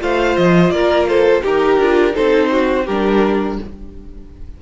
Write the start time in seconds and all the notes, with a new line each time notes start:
0.00 A3 F4 C5 F5
0.37 F3 D#5
0.71 A#3 A#4 D5
1.08 A4 C5
1.43 D#4 G4 A#4
1.79 D4 F4
2.12 D#4 A4 C5
2.19 C4
2.52 F#4
2.85 G3 D4 G4 A#4